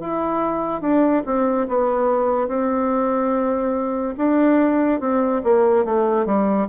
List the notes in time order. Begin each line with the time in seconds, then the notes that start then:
0.00 E4
0.81 D4
1.25 C4
1.68 B3
2.48 C4
4.17 D4
5.00 C4
5.43 A#3
5.84 A3
6.25 G3